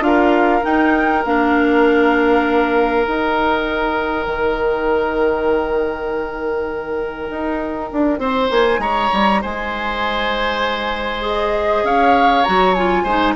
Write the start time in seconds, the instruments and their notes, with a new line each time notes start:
0.00 bassoon D4, clarinet F4, flute F5
0.07 oboe A#4
0.63 clarinet D#4, bassoon D#4, flute G5
1.25 bassoon A#3, clarinet D4, flute F5
3.05 clarinet D#4, bassoon D#4, flute G5
4.27 bassoon D#3
7.30 bassoon D#4
7.93 bassoon D4
8.19 bassoon C4, oboe C5
8.51 bassoon A#3, flute G#5
8.79 bassoon G#3, oboe C#5, flute A#5
9.13 bassoon G3
9.42 bassoon G#3, oboe C5, flute G#5
11.21 clarinet G#4, flute D#5
11.83 bassoon C#4, oboe C#5, flute F5
12.44 bassoon F#3, clarinet F#4, flute A#5
12.74 clarinet F4, flute G#5
13.04 bassoon G#3, clarinet D#4, oboe C5